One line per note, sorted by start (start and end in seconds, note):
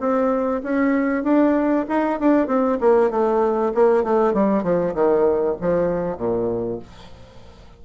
0.00 0.62 C4
0.63 1.24 C#4
1.24 1.86 D4
1.89 2.20 D#4
2.20 2.47 D4
2.47 2.78 C4
2.80 3.10 A#3
3.10 3.72 A3
3.74 4.03 A#3
4.03 4.34 A3
4.34 4.63 G3
4.63 4.94 F3
4.94 5.56 D#3
5.61 6.17 F3
6.17 6.79 A#2